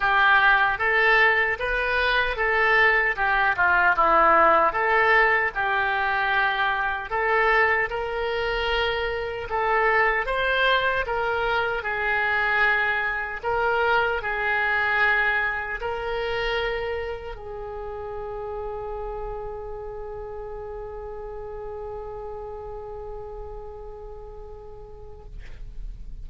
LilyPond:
\new Staff \with { instrumentName = "oboe" } { \time 4/4 \tempo 4 = 76 g'4 a'4 b'4 a'4 | g'8 f'8 e'4 a'4 g'4~ | g'4 a'4 ais'2 | a'4 c''4 ais'4 gis'4~ |
gis'4 ais'4 gis'2 | ais'2 gis'2~ | gis'1~ | gis'1 | }